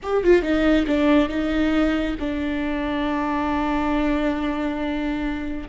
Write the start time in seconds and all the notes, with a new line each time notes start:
0.02 G4
0.23 F4
0.42 D#4
0.87 D4
1.28 D#4
2.19 D4